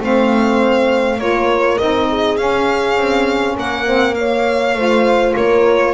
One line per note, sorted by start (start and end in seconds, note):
0.00 1.18 A3
0.00 1.19 C4
0.00 1.20 C5
0.00 1.20 F5
1.18 1.78 A#3
1.18 1.79 F4
1.18 2.10 A#4
1.18 1.78 C#5
1.78 2.39 C4
1.78 2.38 D#4
1.78 2.37 D#5
2.10 3.56 G#4
2.37 3.86 C#4
2.37 2.98 C#4
2.37 3.56 F5
2.98 3.57 C4
3.56 4.75 A#3
3.56 3.86 A#4
3.56 4.15 F#5
3.86 4.16 C4
3.86 4.16 C5
4.15 4.75 A#3
4.15 4.77 C#5
4.15 5.34 F5
4.75 5.35 A3
4.75 5.94 F4
4.75 5.36 C5
5.36 5.94 A#3
5.36 5.94 A#4
5.36 5.94 C#5